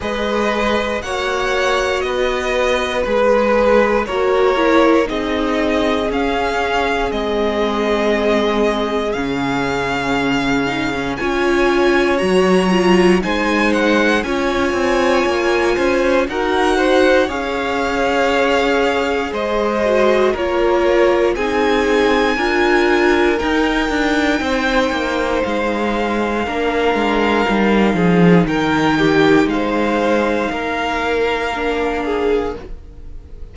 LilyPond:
<<
  \new Staff \with { instrumentName = "violin" } { \time 4/4 \tempo 4 = 59 dis''4 fis''4 dis''4 b'4 | cis''4 dis''4 f''4 dis''4~ | dis''4 f''2 gis''4 | ais''4 gis''8 fis''8 gis''2 |
fis''4 f''2 dis''4 | cis''4 gis''2 g''4~ | g''4 f''2. | g''4 f''2. | }
  \new Staff \with { instrumentName = "violin" } { \time 4/4 b'4 cis''4 b'2 | ais'4 gis'2.~ | gis'2. cis''4~ | cis''4 c''4 cis''4. c''8 |
ais'8 c''8 cis''2 c''4 | ais'4 gis'4 ais'2 | c''2 ais'4. gis'8 | ais'8 g'8 c''4 ais'4. gis'8 | }
  \new Staff \with { instrumentName = "viola" } { \time 4/4 gis'4 fis'2 gis'4 | fis'8 e'8 dis'4 cis'4 c'4~ | c'4 cis'4. dis'16 cis'16 f'4 | fis'8 f'8 dis'4 f'2 |
fis'4 gis'2~ gis'8 fis'8 | f'4 dis'4 f'4 dis'4~ | dis'2 d'4 dis'4~ | dis'2. d'4 | }
  \new Staff \with { instrumentName = "cello" } { \time 4/4 gis4 ais4 b4 gis4 | ais4 c'4 cis'4 gis4~ | gis4 cis2 cis'4 | fis4 gis4 cis'8 c'8 ais8 cis'8 |
dis'4 cis'2 gis4 | ais4 c'4 d'4 dis'8 d'8 | c'8 ais8 gis4 ais8 gis8 g8 f8 | dis4 gis4 ais2 | }
>>